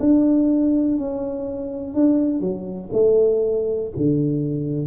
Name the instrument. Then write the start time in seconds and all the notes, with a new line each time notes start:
tuba
0.00 D4
0.98 C#4
1.94 D4
2.41 F#3
2.93 A3
3.97 D3